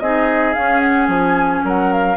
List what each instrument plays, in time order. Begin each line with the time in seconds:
0.00 bassoon C4, clarinet D#4, oboe G#4, flute D#5
0.54 clarinet C#4, bassoon C#4, flute F5
0.81 flute F#5
1.08 bassoon F3, flute G#5
1.64 bassoon F#3, oboe A#4, flute F#5
1.93 flute F5